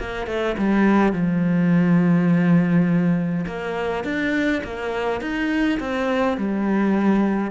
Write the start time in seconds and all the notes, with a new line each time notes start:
0.00 A#3
0.27 A3
0.58 G3
1.13 F3
3.47 A#3
4.04 D4
4.64 A#3
5.21 D#4
5.80 C4
6.37 G3